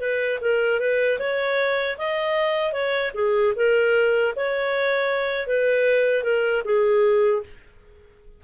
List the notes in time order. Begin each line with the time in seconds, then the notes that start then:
0.00 B4
0.41 A#4
0.80 B4
1.19 C#5
1.98 D#5
2.72 C#5
3.14 G#4
3.56 A#4
4.36 C#5
5.47 B4
6.23 A#4
6.64 G#4